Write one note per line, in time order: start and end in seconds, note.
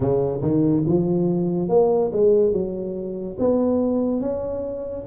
0.00 0.41 C#3
0.41 0.84 D#3
0.86 1.69 F3
1.69 2.11 A#3
2.12 2.52 G#3
2.52 3.36 F#3
3.38 4.21 B3
4.21 5.05 C#4